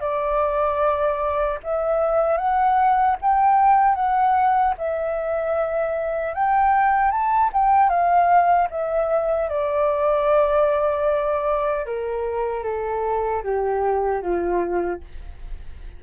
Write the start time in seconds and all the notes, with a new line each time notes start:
0.00 D5
1.63 E5
2.37 F#5
3.21 G5
3.95 F#5
4.78 E5
6.34 G5
7.11 A5
7.53 G5
7.89 F5
8.70 E5
9.49 D5
11.86 A#4
12.63 A4
13.42 G4
14.21 F4